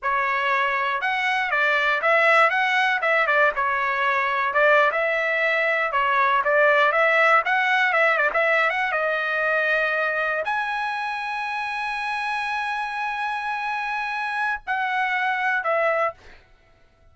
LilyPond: \new Staff \with { instrumentName = "trumpet" } { \time 4/4 \tempo 4 = 119 cis''2 fis''4 d''4 | e''4 fis''4 e''8 d''8 cis''4~ | cis''4 d''8. e''2 cis''16~ | cis''8. d''4 e''4 fis''4 e''16~ |
e''16 d''16 e''8. fis''8 dis''2~ dis''16~ | dis''8. gis''2.~ gis''16~ | gis''1~ | gis''4 fis''2 e''4 | }